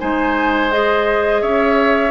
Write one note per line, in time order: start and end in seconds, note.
0.00 1.42 G#3
0.00 0.71 D#4
0.00 1.42 C5
0.00 0.72 G#5
0.71 2.11 G#4
0.71 1.42 D#5
1.42 2.11 C#4
1.42 2.11 C#5
1.42 2.11 E5